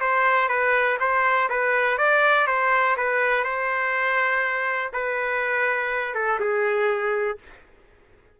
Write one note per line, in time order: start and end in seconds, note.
0.00 0.48 C5
0.48 0.97 B4
0.99 1.48 C5
1.49 1.98 B4
1.98 2.47 D5
2.47 2.96 C5
2.97 3.44 B4
3.44 4.91 C5
4.92 6.15 B4
6.15 6.39 A4
6.40 7.38 G#4